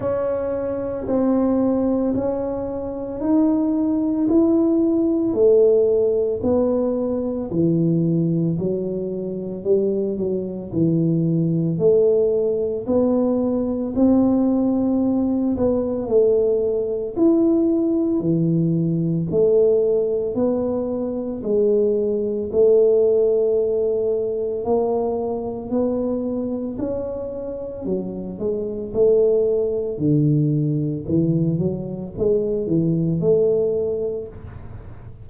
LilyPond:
\new Staff \with { instrumentName = "tuba" } { \time 4/4 \tempo 4 = 56 cis'4 c'4 cis'4 dis'4 | e'4 a4 b4 e4 | fis4 g8 fis8 e4 a4 | b4 c'4. b8 a4 |
e'4 e4 a4 b4 | gis4 a2 ais4 | b4 cis'4 fis8 gis8 a4 | d4 e8 fis8 gis8 e8 a4 | }